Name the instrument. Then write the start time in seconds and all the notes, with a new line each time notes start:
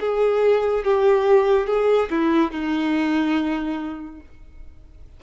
violin
0.00 G#4
0.85 G4
1.67 G#4
2.10 E4
2.51 D#4